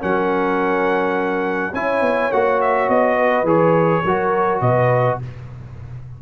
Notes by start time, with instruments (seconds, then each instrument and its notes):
0.00 tuba F#3, trombone C#4, horn A#4, trumpet F#5
1.73 tuba C#4, trombone E4, horn C#5, trumpet G#5
2.01 tuba B3
2.32 tuba A#3, trombone F#4, trumpet F#5
2.62 trumpet E5
2.89 tuba B3, trumpet D#5
3.18 horn B4
3.44 tuba E3, trombone G#4, trumpet C#5
4.05 tuba F#3, trombone F#4, horn A#4
4.61 tuba B2, horn B4, trumpet D#5